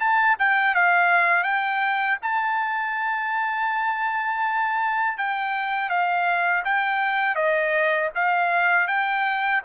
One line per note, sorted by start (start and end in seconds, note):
0.00 0.37 A5
0.39 0.75 G5
0.75 1.44 F5
1.44 2.18 G5
2.23 5.18 A5
5.18 5.90 G5
5.90 6.64 F5
6.65 7.36 G5
7.36 8.10 D#5
8.15 8.88 F5
8.88 9.62 G5